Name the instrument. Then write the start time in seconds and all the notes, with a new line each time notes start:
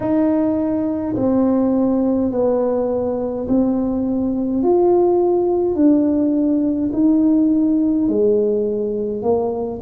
tuba
0.00 D#4
1.15 C4
2.31 B3
3.48 C4
4.62 F4
5.75 D4
6.92 D#4
8.08 G#3
9.22 A#3